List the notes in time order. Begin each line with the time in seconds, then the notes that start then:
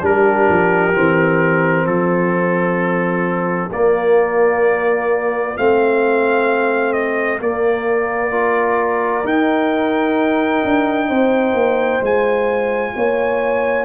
0.00 G3 D4 G4 A#4
0.48 F3
0.92 E3 C4
1.85 F3 F4 A4
3.71 A#3 D5
5.55 A3 C4 F5
6.92 D#5
7.39 A#3 D5
8.30 F4 A#4
9.24 D#4 G5
10.64 D4
11.09 C4 C5
11.53 A#3
12.01 G#3 F4 G#5
12.95 A#3 C#5